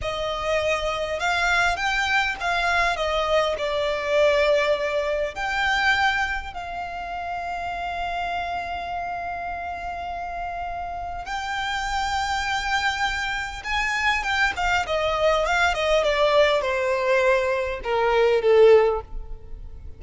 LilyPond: \new Staff \with { instrumentName = "violin" } { \time 4/4 \tempo 4 = 101 dis''2 f''4 g''4 | f''4 dis''4 d''2~ | d''4 g''2 f''4~ | f''1~ |
f''2. g''4~ | g''2. gis''4 | g''8 f''8 dis''4 f''8 dis''8 d''4 | c''2 ais'4 a'4 | }